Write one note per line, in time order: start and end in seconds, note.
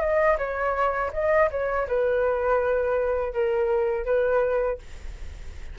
0.00 0.37 D#5
0.38 1.11 C#5
1.12 1.49 D#5
1.50 1.87 C#5
1.87 3.33 B4
3.33 4.05 A#4
4.05 4.78 B4